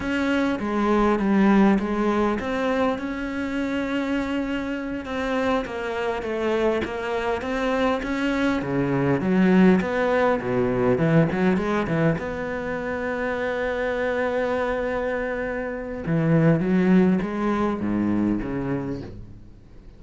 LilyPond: \new Staff \with { instrumentName = "cello" } { \time 4/4 \tempo 4 = 101 cis'4 gis4 g4 gis4 | c'4 cis'2.~ | cis'8 c'4 ais4 a4 ais8~ | ais8 c'4 cis'4 cis4 fis8~ |
fis8 b4 b,4 e8 fis8 gis8 | e8 b2.~ b8~ | b2. e4 | fis4 gis4 gis,4 cis4 | }